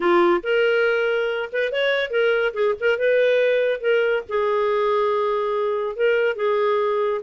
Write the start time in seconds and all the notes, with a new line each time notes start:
0.00 F4
0.43 A#4
1.52 B4
1.72 C#5
2.10 A#4
2.53 G#4
2.79 A#4
2.98 B4
3.80 A#4
4.28 G#4
5.96 A#4
6.36 G#4